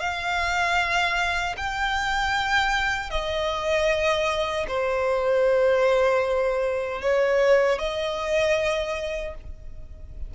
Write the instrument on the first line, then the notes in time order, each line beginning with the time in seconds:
violin
0.00 F5
1.57 G5
3.11 D#5
4.68 C5
7.01 C#5
7.79 D#5